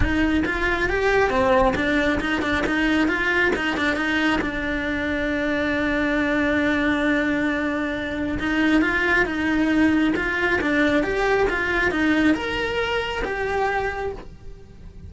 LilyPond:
\new Staff \with { instrumentName = "cello" } { \time 4/4 \tempo 4 = 136 dis'4 f'4 g'4 c'4 | d'4 dis'8 d'8 dis'4 f'4 | dis'8 d'8 dis'4 d'2~ | d'1~ |
d'2. dis'4 | f'4 dis'2 f'4 | d'4 g'4 f'4 dis'4 | ais'2 g'2 | }